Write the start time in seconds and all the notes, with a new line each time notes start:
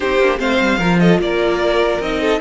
0.00 C4 D#4 G4 C5
0.18 A#3 D4
0.37 A3 C4 C5 F5
0.59 G3
0.78 F3 F4 A#4
0.99 A4 D#5
1.18 A#3 D5
1.25 A#4
1.99 C4 D#4 D#5
2.20 A4